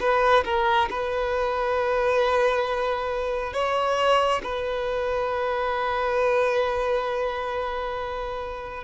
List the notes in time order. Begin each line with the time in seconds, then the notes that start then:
0.00 B4
0.45 A#4
0.90 B4
3.53 C#5
4.43 B4